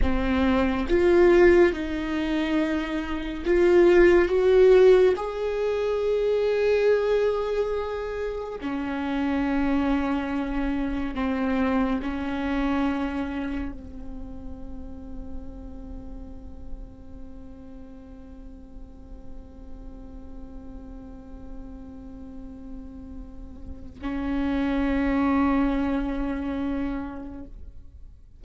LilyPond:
\new Staff \with { instrumentName = "viola" } { \time 4/4 \tempo 4 = 70 c'4 f'4 dis'2 | f'4 fis'4 gis'2~ | gis'2 cis'2~ | cis'4 c'4 cis'2 |
c'1~ | c'1~ | c'1 | cis'1 | }